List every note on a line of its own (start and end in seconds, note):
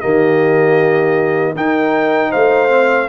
0.00 1.56 D#3
0.00 1.55 A#3
0.00 1.54 G4
0.00 1.54 D#5
1.56 2.69 D#4
1.56 2.33 D#4
1.56 2.29 A#4
1.56 2.32 G5
2.29 3.08 A3
2.29 3.06 C5
2.29 3.08 F5
2.69 3.08 C4